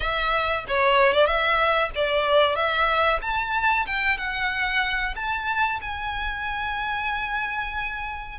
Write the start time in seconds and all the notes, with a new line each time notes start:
0.00 E5
0.67 C#5
1.12 D5
1.26 E5
1.95 D5
2.55 E5
3.21 A5
3.86 G5
4.17 F#5
5.15 A5
5.81 G#5